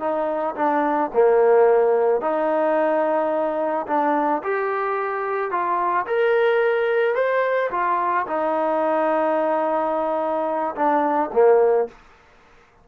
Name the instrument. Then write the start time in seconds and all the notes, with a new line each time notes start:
trombone
0.00 D#4
0.56 D4
1.13 A#3
2.21 D#4
3.87 D4
4.43 G4
5.51 F4
6.07 A#4
7.15 C5
7.71 F4
8.27 D#4
10.75 D4
11.33 A#3